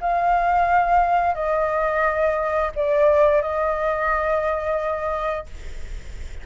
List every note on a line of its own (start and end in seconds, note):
0.00 1.34 F5
1.34 2.71 D#5
2.75 3.42 D5
3.42 5.46 D#5